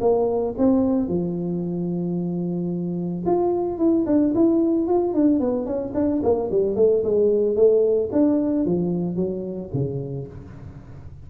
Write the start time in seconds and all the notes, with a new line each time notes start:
0.00 A#3
0.57 C4
1.08 F3
3.25 F4
3.78 E4
4.06 D4
4.34 E4
4.87 F4
5.14 D4
5.40 B3
5.65 C#4
5.94 D4
6.23 A#3
6.51 G3
6.75 A3
7.04 G#3
7.55 A3
8.12 D4
8.65 F3
9.16 F#3
9.73 C#3